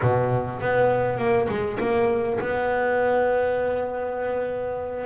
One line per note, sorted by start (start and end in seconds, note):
0.01 0.60 B2
0.60 1.17 B3
1.17 1.47 A#3
1.48 1.78 G#3
1.79 2.39 A#3
2.40 5.05 B3